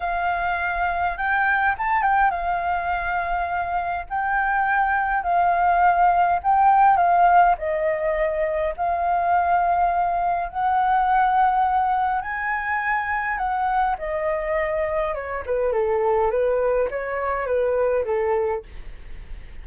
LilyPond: \new Staff \with { instrumentName = "flute" } { \time 4/4 \tempo 4 = 103 f''2 g''4 a''8 g''8 | f''2. g''4~ | g''4 f''2 g''4 | f''4 dis''2 f''4~ |
f''2 fis''2~ | fis''4 gis''2 fis''4 | dis''2 cis''8 b'8 a'4 | b'4 cis''4 b'4 a'4 | }